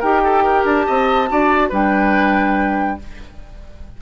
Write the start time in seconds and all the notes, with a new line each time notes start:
0.00 D#4 G4 A#4 G5
0.24 A4
0.43 A#4
0.65 D4 A5
0.87 C4 D#5
1.28 D4 F#4 D5
1.69 G3 D4 B4 G5